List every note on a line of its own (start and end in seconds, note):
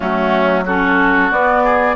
0.00 1.31 F#3
0.00 0.65 A3
0.00 0.64 C#4
0.00 0.65 F#4
0.65 1.31 C#4
0.65 1.63 F#4
0.65 1.31 A4
1.31 1.95 B3
1.31 1.95 D5
1.63 1.95 G#4